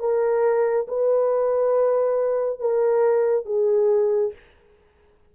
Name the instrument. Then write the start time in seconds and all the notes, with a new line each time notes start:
horn
0.00 A#4
0.89 B4
2.60 A#4
3.46 G#4